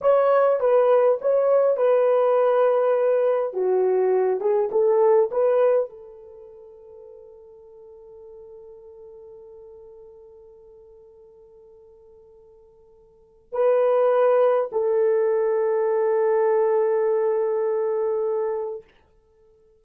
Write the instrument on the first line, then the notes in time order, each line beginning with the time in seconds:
horn
0.01 C#5
0.59 B4
1.21 C#5
1.76 B4
3.53 F#4
4.40 G#4
4.71 A4
5.31 B4
5.89 A4
13.52 B4
14.72 A4